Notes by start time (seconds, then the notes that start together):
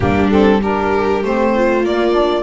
0.00 G3 A#3 D4 G4
0.30 C4 A4
0.61 D4 G4 A#4
1.23 A3 C4 C5
1.54 F4
1.83 A#3 D5
2.11 D4